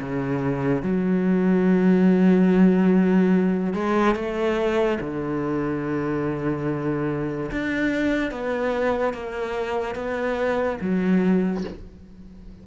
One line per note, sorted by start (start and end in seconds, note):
0.00 0.82 C#3
0.82 3.73 F#3
3.73 4.15 G#3
4.15 4.98 A3
5.00 7.50 D3
7.51 8.31 D4
8.31 9.13 B3
9.13 9.95 A#3
9.95 10.78 B3
10.81 11.64 F#3